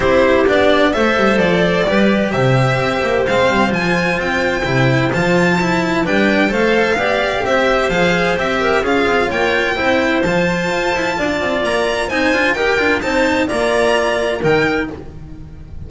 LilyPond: <<
  \new Staff \with { instrumentName = "violin" } { \time 4/4 \tempo 4 = 129 c''4 d''4 e''4 d''4~ | d''4 e''2 f''4 | gis''4 g''2 a''4~ | a''4 g''4 f''2 |
e''4 f''4 e''4 f''4 | g''2 a''2~ | a''4 ais''4 gis''4 g''4 | a''4 ais''2 g''4 | }
  \new Staff \with { instrumentName = "clarinet" } { \time 4/4 g'2 c''2 | b'4 c''2.~ | c''1~ | c''4 b'4 c''4 d''4 |
c''2~ c''8 ais'8 gis'4 | cis''4 c''2. | d''2 c''4 ais'4 | c''4 d''2 ais'4 | }
  \new Staff \with { instrumentName = "cello" } { \time 4/4 e'4 d'4 a'2 | g'2. c'4 | f'2 e'4 f'4 | e'4 d'4 a'4 g'4~ |
g'4 gis'4 g'4 f'4~ | f'4 e'4 f'2~ | f'2 dis'8 f'8 g'8 f'8 | dis'4 f'2 dis'4 | }
  \new Staff \with { instrumentName = "double bass" } { \time 4/4 c'4 b4 a8 g8 f4 | g4 c4 c'8 ais8 gis8 g8 | f4 c'4 c4 f4~ | f4 g4 a4 b4 |
c'4 f4 c'4 cis'8 c'8 | ais4 c'4 f4 f'8 e'8 | d'8 c'8 ais4 c'8 d'8 dis'8 d'8 | c'4 ais2 dis4 | }
>>